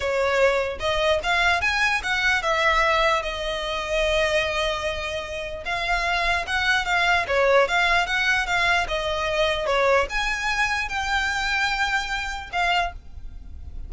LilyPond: \new Staff \with { instrumentName = "violin" } { \time 4/4 \tempo 4 = 149 cis''2 dis''4 f''4 | gis''4 fis''4 e''2 | dis''1~ | dis''2 f''2 |
fis''4 f''4 cis''4 f''4 | fis''4 f''4 dis''2 | cis''4 gis''2 g''4~ | g''2. f''4 | }